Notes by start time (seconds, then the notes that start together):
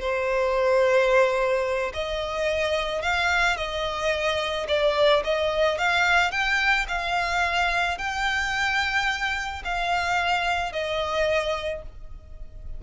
0.00 C5
1.94 D#5
3.02 F5
3.57 D#5
4.68 D5
5.24 D#5
5.78 F5
6.32 G5
6.88 F5
7.98 G5
9.65 F5
10.72 D#5